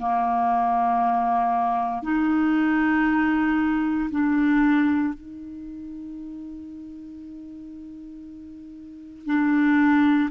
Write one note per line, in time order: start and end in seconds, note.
0.00 2.03 A#3
2.03 4.10 D#4
4.11 5.14 D4
5.14 9.26 D#4
9.26 10.30 D4